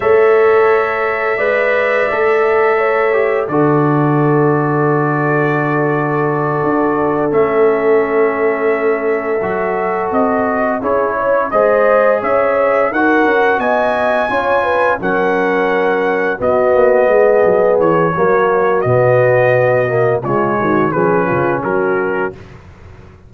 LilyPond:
<<
  \new Staff \with { instrumentName = "trumpet" } { \time 4/4 \tempo 4 = 86 e''1~ | e''4 d''2.~ | d''2~ d''8 e''4.~ | e''2~ e''8 dis''4 cis''8~ |
cis''8 dis''4 e''4 fis''4 gis''8~ | gis''4. fis''2 dis''8~ | dis''4. cis''4. dis''4~ | dis''4 cis''4 b'4 ais'4 | }
  \new Staff \with { instrumentName = "horn" } { \time 4/4 cis''2 d''2 | cis''4 a'2.~ | a'1~ | a'2.~ a'8 gis'8 |
cis''8 c''4 cis''4 ais'4 dis''8~ | dis''8 cis''8 b'8 ais'2 fis'8~ | fis'8 gis'4. fis'2~ | fis'4 f'8 fis'8 gis'8 f'8 fis'4 | }
  \new Staff \with { instrumentName = "trombone" } { \time 4/4 a'2 b'4 a'4~ | a'8 g'8 fis'2.~ | fis'2~ fis'8 cis'4.~ | cis'4. fis'2 e'8~ |
e'8 gis'2 fis'4.~ | fis'8 f'4 cis'2 b8~ | b2 ais4 b4~ | b8 ais8 gis4 cis'2 | }
  \new Staff \with { instrumentName = "tuba" } { \time 4/4 a2 gis4 a4~ | a4 d2.~ | d4. d'4 a4.~ | a4. fis4 c'4 cis'8~ |
cis'8 gis4 cis'4 dis'8 cis'8 b8~ | b8 cis'4 fis2 b8 | ais8 gis8 fis8 e8 fis4 b,4~ | b,4 cis8 dis8 f8 cis8 fis4 | }
>>